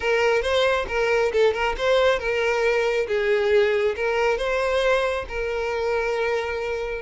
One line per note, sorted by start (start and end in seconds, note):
0.00 0.42 A#4
0.42 0.85 C5
0.88 1.32 A#4
1.32 1.53 A4
1.53 1.75 A#4
1.77 2.19 C5
2.19 3.07 A#4
3.07 3.95 G#4
3.95 4.37 A#4
4.37 5.25 C5
5.28 7.01 A#4